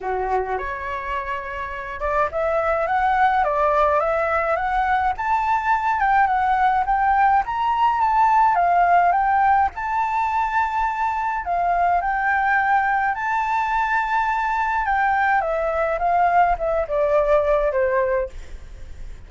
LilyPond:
\new Staff \with { instrumentName = "flute" } { \time 4/4 \tempo 4 = 105 fis'4 cis''2~ cis''8 d''8 | e''4 fis''4 d''4 e''4 | fis''4 a''4. g''8 fis''4 | g''4 ais''4 a''4 f''4 |
g''4 a''2. | f''4 g''2 a''4~ | a''2 g''4 e''4 | f''4 e''8 d''4. c''4 | }